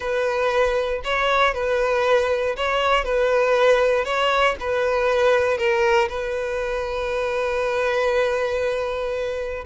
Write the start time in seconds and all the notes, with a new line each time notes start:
0.00 B4
1.04 C#5
1.54 B4
2.56 C#5
3.04 B4
4.04 C#5
4.59 B4
5.57 A#4
6.08 B4